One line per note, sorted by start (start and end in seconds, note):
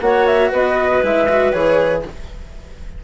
0.00 0.50 A#3
0.00 1.01 F#4
0.00 0.50 C#5
0.00 0.26 F#5
0.26 0.51 E5
0.50 1.02 B3
0.50 2.01 B4
0.50 1.04 D#5
1.02 1.52 G#3
1.02 1.27 E4
1.02 1.51 E5
1.28 1.53 F#4
1.51 2.03 E3
1.51 2.03 G#4
1.51 2.02 C#5